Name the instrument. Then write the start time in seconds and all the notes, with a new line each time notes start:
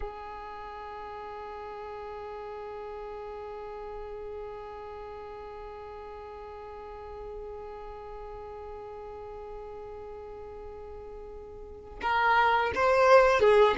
violin
0.00 G#4
12.01 A#4
12.74 C5
13.40 G#4